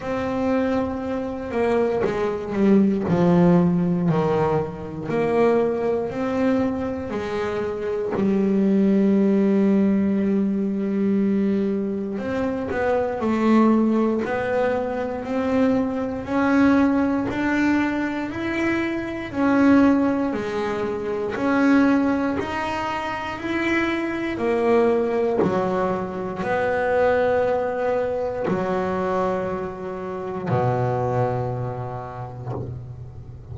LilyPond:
\new Staff \with { instrumentName = "double bass" } { \time 4/4 \tempo 4 = 59 c'4. ais8 gis8 g8 f4 | dis4 ais4 c'4 gis4 | g1 | c'8 b8 a4 b4 c'4 |
cis'4 d'4 e'4 cis'4 | gis4 cis'4 dis'4 e'4 | ais4 fis4 b2 | fis2 b,2 | }